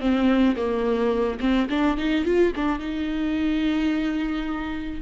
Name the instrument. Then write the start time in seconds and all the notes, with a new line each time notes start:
viola
0.00 C4
0.56 A#3
1.40 C4
1.70 D4
1.97 D#4
2.25 F4
2.55 D4
2.79 D#4